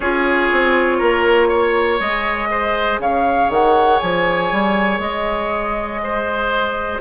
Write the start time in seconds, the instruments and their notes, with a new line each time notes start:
0.00 bassoon C#4, clarinet F4, oboe G#4, flute C#5
0.52 bassoon C4
0.97 bassoon A#3, oboe A#4
1.48 oboe C#5
1.99 bassoon G#3, clarinet G#4, flute D#5
2.50 oboe C5
2.98 bassoon C#3, oboe C#5, flute F5
3.49 bassoon D#3, flute F#5
3.99 bassoon F3, flute G#5
4.51 bassoon G3
4.99 bassoon G#3, flute D#5
6.03 oboe C5